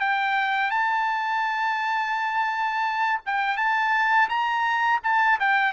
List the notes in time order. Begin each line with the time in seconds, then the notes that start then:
0.00 G5
0.71 A5
3.26 G5
3.57 A5
4.29 A#5
5.04 A5
5.40 G5